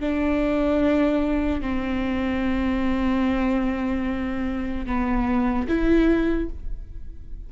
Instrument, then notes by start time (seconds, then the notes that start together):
viola
0.00 D4
1.61 C4
4.86 B3
5.68 E4